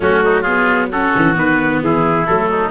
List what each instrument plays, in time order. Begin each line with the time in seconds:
0.00 tuba F#3, viola A3, oboe C#4, trumpet F#4
0.24 oboe D#4
0.41 viola B3, oboe F4, trumpet G#4
0.91 viola C#4, oboe F#4, trumpet A4
1.15 tuba E3
1.34 tuba D#3, viola B3, trumpet B4
1.81 tuba E3, oboe E4, trumpet G#4
2.26 tuba F#3, viola A3, trumpet A4
2.49 oboe D#4